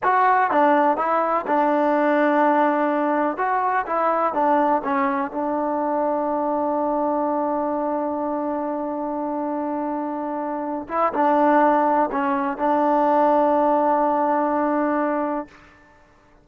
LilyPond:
\new Staff \with { instrumentName = "trombone" } { \time 4/4 \tempo 4 = 124 fis'4 d'4 e'4 d'4~ | d'2. fis'4 | e'4 d'4 cis'4 d'4~ | d'1~ |
d'1~ | d'2~ d'8 e'8 d'4~ | d'4 cis'4 d'2~ | d'1 | }